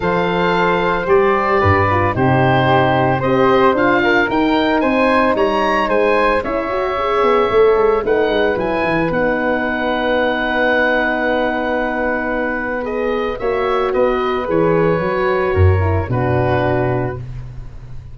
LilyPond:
<<
  \new Staff \with { instrumentName = "oboe" } { \time 4/4 \tempo 4 = 112 f''2 d''2 | c''2 dis''4 f''4 | g''4 gis''4 ais''4 gis''4 | e''2. fis''4 |
gis''4 fis''2.~ | fis''1 | dis''4 e''4 dis''4 cis''4~ | cis''2 b'2 | }
  \new Staff \with { instrumentName = "flute" } { \time 4/4 c''2. b'4 | g'2 c''4. ais'8~ | ais'4 c''4 cis''4 c''4 | cis''2. b'4~ |
b'1~ | b'1~ | b'4 cis''4 b'2~ | b'4 ais'4 fis'2 | }
  \new Staff \with { instrumentName = "horn" } { \time 4/4 a'2 g'4. f'8 | dis'2 g'4 f'4 | dis'1 | e'8 fis'8 gis'4 a'4 dis'4 |
e'4 dis'2.~ | dis'1 | gis'4 fis'2 gis'4 | fis'4. e'8 d'2 | }
  \new Staff \with { instrumentName = "tuba" } { \time 4/4 f2 g4 g,4 | c2 c'4 d'4 | dis'4 c'4 g4 gis4 | cis'4. b8 a8 gis8 a8 gis8 |
fis8 e8 b2.~ | b1~ | b4 ais4 b4 e4 | fis4 fis,4 b,2 | }
>>